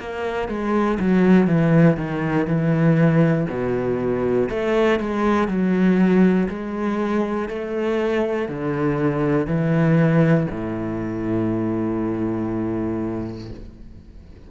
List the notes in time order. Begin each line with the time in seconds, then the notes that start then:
0.00 A#3
0.49 G#3
1.00 F#3
1.48 E3
1.97 D#3
2.47 E3
3.49 B2
4.50 A3
5.00 G#3
5.48 F#3
6.49 G#3
7.49 A3
8.49 D3
9.47 E3
10.51 A2